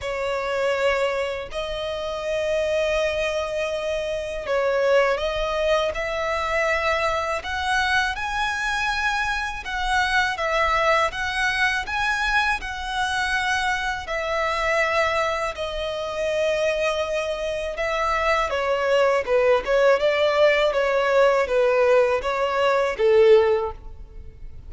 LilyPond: \new Staff \with { instrumentName = "violin" } { \time 4/4 \tempo 4 = 81 cis''2 dis''2~ | dis''2 cis''4 dis''4 | e''2 fis''4 gis''4~ | gis''4 fis''4 e''4 fis''4 |
gis''4 fis''2 e''4~ | e''4 dis''2. | e''4 cis''4 b'8 cis''8 d''4 | cis''4 b'4 cis''4 a'4 | }